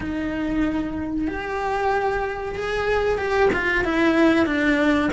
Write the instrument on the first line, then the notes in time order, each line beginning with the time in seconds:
cello
0.00 D#4
1.27 G4
2.55 G#4
3.17 G4
3.53 F4
3.84 E4
4.46 D4